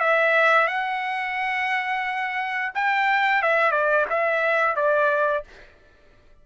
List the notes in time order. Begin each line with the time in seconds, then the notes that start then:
0.00 E5
0.68 F#5
2.75 G5
3.43 E5
3.72 D5
4.10 E5
4.76 D5